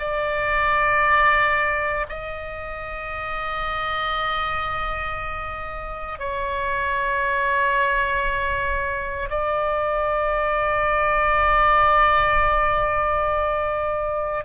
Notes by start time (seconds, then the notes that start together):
0.00 D5
2.09 D#5
6.19 C#5
9.31 D5